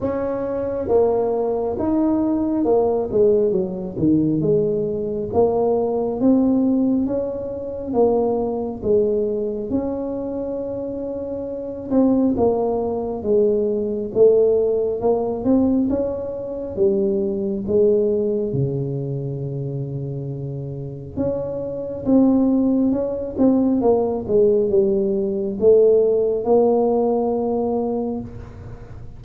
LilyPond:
\new Staff \with { instrumentName = "tuba" } { \time 4/4 \tempo 4 = 68 cis'4 ais4 dis'4 ais8 gis8 | fis8 dis8 gis4 ais4 c'4 | cis'4 ais4 gis4 cis'4~ | cis'4. c'8 ais4 gis4 |
a4 ais8 c'8 cis'4 g4 | gis4 cis2. | cis'4 c'4 cis'8 c'8 ais8 gis8 | g4 a4 ais2 | }